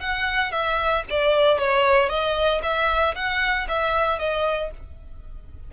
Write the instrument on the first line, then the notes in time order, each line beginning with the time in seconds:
violin
0.00 F#5
0.51 E5
1.10 D5
1.58 C#5
2.09 D#5
2.63 E5
3.15 F#5
3.68 E5
4.19 D#5